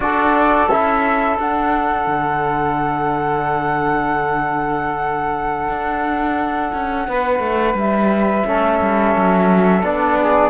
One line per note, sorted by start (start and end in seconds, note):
0.00 0.67 D4
0.00 0.69 F#4
0.00 7.09 A4
0.00 0.68 D5
0.68 1.37 C#4
0.68 1.40 E4
0.68 1.37 E5
1.39 2.06 D4
1.39 8.45 D4
1.39 7.77 F#5
2.06 5.68 D3
5.68 6.71 D4
6.73 7.07 C#4
7.07 7.39 B3
7.07 8.47 B4
7.39 7.73 A3
7.74 8.43 G3
7.74 9.84 E5
8.45 8.80 A3
8.45 9.82 C#4
8.45 10.18 A4
8.81 9.15 G3
9.16 9.82 F#3
9.82 10.50 B3
9.82 10.50 D4
9.82 10.50 D5
10.18 10.50 G#4